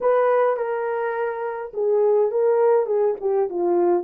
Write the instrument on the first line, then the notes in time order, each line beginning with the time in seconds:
horn
0.01 B4
0.56 A#4
1.73 G#4
2.31 A#4
2.86 G#4
3.20 G4
3.49 F4